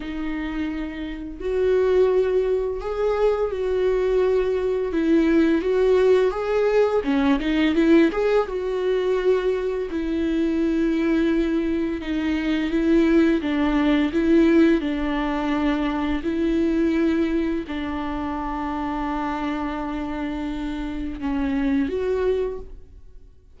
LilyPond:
\new Staff \with { instrumentName = "viola" } { \time 4/4 \tempo 4 = 85 dis'2 fis'2 | gis'4 fis'2 e'4 | fis'4 gis'4 cis'8 dis'8 e'8 gis'8 | fis'2 e'2~ |
e'4 dis'4 e'4 d'4 | e'4 d'2 e'4~ | e'4 d'2.~ | d'2 cis'4 fis'4 | }